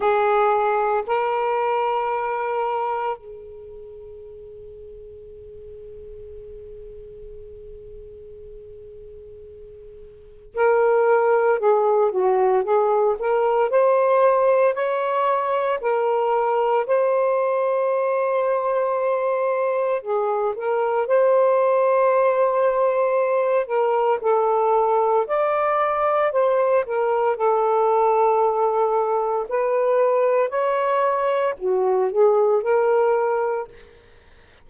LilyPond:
\new Staff \with { instrumentName = "saxophone" } { \time 4/4 \tempo 4 = 57 gis'4 ais'2 gis'4~ | gis'1~ | gis'2 ais'4 gis'8 fis'8 | gis'8 ais'8 c''4 cis''4 ais'4 |
c''2. gis'8 ais'8 | c''2~ c''8 ais'8 a'4 | d''4 c''8 ais'8 a'2 | b'4 cis''4 fis'8 gis'8 ais'4 | }